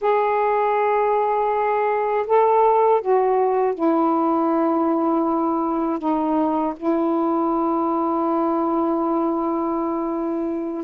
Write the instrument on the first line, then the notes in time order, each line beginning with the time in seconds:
saxophone
0.01 G#4
2.26 A4
3.01 F#4
3.74 E4
5.99 D#4
6.76 E4